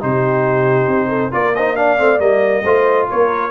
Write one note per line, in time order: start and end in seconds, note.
0.00 0.87 C3
0.00 1.31 D#4
0.00 1.08 G4
0.00 1.33 C5
0.87 1.31 C4
1.08 1.30 A4
1.31 1.99 A#3
1.31 1.53 F4
1.31 1.55 A#4
1.31 1.55 D5
1.55 1.76 D#4
1.55 1.76 C5
1.55 1.75 D#5
1.75 1.98 D4
1.75 2.63 D5
1.75 2.19 F5
1.98 2.19 A3
1.98 2.18 C4
2.18 2.63 G3
2.18 2.62 A#3
2.18 3.07 D#5
2.63 3.08 A3
2.63 3.51 F4
2.63 3.07 C5
3.09 3.51 A#3
3.09 3.51 A#4
3.09 3.51 C#5